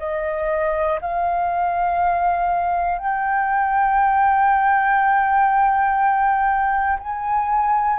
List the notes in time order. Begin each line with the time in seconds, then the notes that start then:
0.00 D#5
1.01 F5
2.99 G5
7.00 G#5